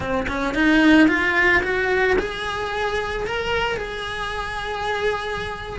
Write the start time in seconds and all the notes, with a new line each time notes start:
0.00 C4
0.28 C#4
0.54 D#4
1.08 F4
1.62 F#4
2.18 G#4
3.26 A#4
3.76 G#4